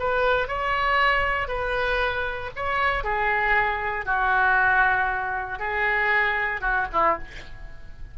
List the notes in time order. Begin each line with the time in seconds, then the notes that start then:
0.00 B4
0.48 C#5
1.48 B4
2.56 C#5
3.04 G#4
4.06 F#4
5.60 G#4
6.61 F#4
6.93 E4